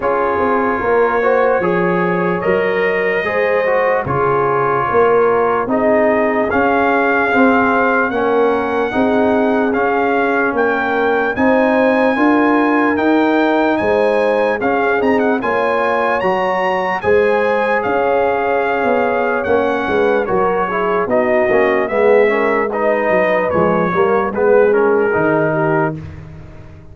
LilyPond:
<<
  \new Staff \with { instrumentName = "trumpet" } { \time 4/4 \tempo 4 = 74 cis''2. dis''4~ | dis''4 cis''2 dis''4 | f''2 fis''2 | f''4 g''4 gis''2 |
g''4 gis''4 f''8 ais''16 fis''16 gis''4 | ais''4 gis''4 f''2 | fis''4 cis''4 dis''4 e''4 | dis''4 cis''4 b'8 ais'4. | }
  \new Staff \with { instrumentName = "horn" } { \time 4/4 gis'4 ais'8 c''8 cis''2 | c''4 gis'4 ais'4 gis'4~ | gis'2 ais'4 gis'4~ | gis'4 ais'4 c''4 ais'4~ |
ais'4 c''4 gis'4 cis''4~ | cis''4 c''4 cis''2~ | cis''8 b'8 ais'8 gis'8 fis'4 gis'8 ais'8 | b'4. ais'8 gis'4. g'8 | }
  \new Staff \with { instrumentName = "trombone" } { \time 4/4 f'4. fis'8 gis'4 ais'4 | gis'8 fis'8 f'2 dis'4 | cis'4 c'4 cis'4 dis'4 | cis'2 dis'4 f'4 |
dis'2 cis'8 dis'8 f'4 | fis'4 gis'2. | cis'4 fis'8 e'8 dis'8 cis'8 b8 cis'8 | dis'4 gis8 ais8 b8 cis'8 dis'4 | }
  \new Staff \with { instrumentName = "tuba" } { \time 4/4 cis'8 c'8 ais4 f4 fis4 | gis4 cis4 ais4 c'4 | cis'4 c'4 ais4 c'4 | cis'4 ais4 c'4 d'4 |
dis'4 gis4 cis'8 c'8 ais4 | fis4 gis4 cis'4~ cis'16 b8. | ais8 gis8 fis4 b8 ais8 gis4~ | gis8 fis8 f8 g8 gis4 dis4 | }
>>